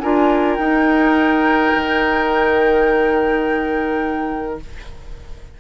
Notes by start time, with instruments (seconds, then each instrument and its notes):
0.00 bassoon D4, clarinet F4, oboe A#4, flute G#5
0.55 bassoon D#4, clarinet D#4, flute G5
1.74 bassoon D#3